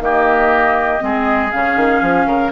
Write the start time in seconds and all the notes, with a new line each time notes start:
0.00 D#3 A#3 G4 D#5
1.00 G#3 C4 G#4
1.52 C#3 C#4 F5
1.77 D#3
2.02 F3
2.27 C#3 A#4